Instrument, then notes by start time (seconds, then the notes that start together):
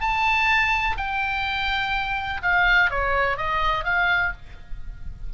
oboe
0.00 A5
0.97 G5
2.42 F5
2.90 C#5
3.37 D#5
3.84 F5